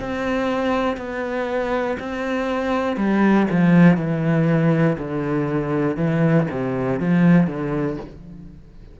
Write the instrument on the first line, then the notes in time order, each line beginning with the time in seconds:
cello
0.00 C4
0.97 B3
2.00 C4
2.97 G3
3.50 F3
3.97 E3
4.99 D3
5.97 E3
6.51 C3
7.00 F3
7.47 D3